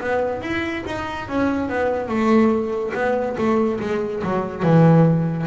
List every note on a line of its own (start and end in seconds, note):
0.00 0.41 B3
0.41 0.84 E4
0.86 1.28 D#4
1.28 1.69 C#4
1.69 2.08 B3
2.08 2.92 A3
2.94 3.36 B3
3.38 3.80 A3
3.80 4.22 G#3
4.23 4.62 F#3
4.62 5.47 E3